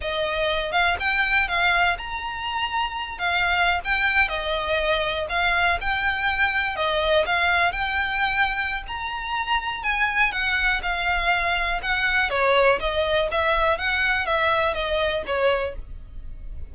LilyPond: \new Staff \with { instrumentName = "violin" } { \time 4/4 \tempo 4 = 122 dis''4. f''8 g''4 f''4 | ais''2~ ais''8 f''4~ f''16 g''16~ | g''8. dis''2 f''4 g''16~ | g''4.~ g''16 dis''4 f''4 g''16~ |
g''2 ais''2 | gis''4 fis''4 f''2 | fis''4 cis''4 dis''4 e''4 | fis''4 e''4 dis''4 cis''4 | }